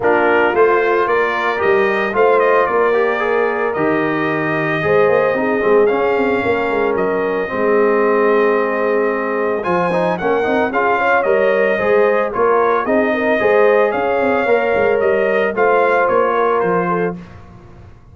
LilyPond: <<
  \new Staff \with { instrumentName = "trumpet" } { \time 4/4 \tempo 4 = 112 ais'4 c''4 d''4 dis''4 | f''8 dis''8 d''2 dis''4~ | dis''2. f''4~ | f''4 dis''2.~ |
dis''2 gis''4 fis''4 | f''4 dis''2 cis''4 | dis''2 f''2 | dis''4 f''4 cis''4 c''4 | }
  \new Staff \with { instrumentName = "horn" } { \time 4/4 f'2 ais'2 | c''4 ais'2.~ | ais'4 c''4 gis'2 | ais'2 gis'2~ |
gis'2 c''4 ais'4 | gis'8 cis''4. c''4 ais'4 | gis'8 ais'8 c''4 cis''2~ | cis''4 c''4. ais'4 a'8 | }
  \new Staff \with { instrumentName = "trombone" } { \time 4/4 d'4 f'2 g'4 | f'4. g'8 gis'4 g'4~ | g'4 gis'4 dis'8 c'8 cis'4~ | cis'2 c'2~ |
c'2 f'8 dis'8 cis'8 dis'8 | f'4 ais'4 gis'4 f'4 | dis'4 gis'2 ais'4~ | ais'4 f'2. | }
  \new Staff \with { instrumentName = "tuba" } { \time 4/4 ais4 a4 ais4 g4 | a4 ais2 dis4~ | dis4 gis8 ais8 c'8 gis8 cis'8 c'8 | ais8 gis8 fis4 gis2~ |
gis2 f4 ais8 c'8 | cis'4 g4 gis4 ais4 | c'4 gis4 cis'8 c'8 ais8 gis8 | g4 a4 ais4 f4 | }
>>